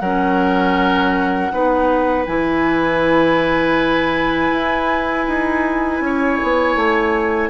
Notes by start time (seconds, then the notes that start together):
0.00 F#3 C#4 A#4 F#5
1.51 B3 D#4 B4
2.25 E3 E4 G#5
4.51 E4
5.28 D#4
6.00 C#4 C#5
6.43 B3
6.75 A3